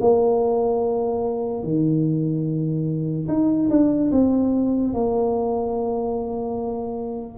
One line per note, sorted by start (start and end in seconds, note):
0.00 1.63 A#3
1.63 3.27 D#3
3.28 3.69 D#4
3.69 4.11 D4
4.11 4.93 C4
4.93 7.38 A#3